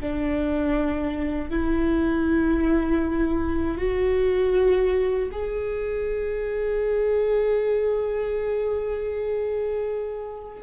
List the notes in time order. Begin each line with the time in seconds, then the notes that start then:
0.00 D4
1.49 E4
3.77 F#4
5.31 G#4